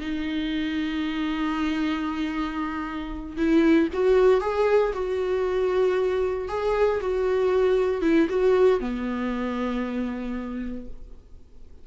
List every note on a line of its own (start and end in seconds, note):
0.00 3.36 D#4
3.37 3.88 E4
3.93 4.41 F#4
4.41 4.93 G#4
4.93 6.48 F#4
6.48 7.00 G#4
7.01 8.01 F#4
8.01 8.27 E4
8.29 8.80 F#4
8.80 10.87 B3